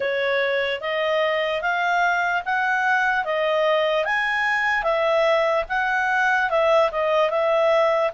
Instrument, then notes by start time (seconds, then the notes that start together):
clarinet
0.00 C#5
0.80 D#5
1.61 F5
2.45 F#5
3.24 D#5
4.05 G#5
4.83 E5
5.69 F#5
6.49 E5
6.91 D#5
7.30 E5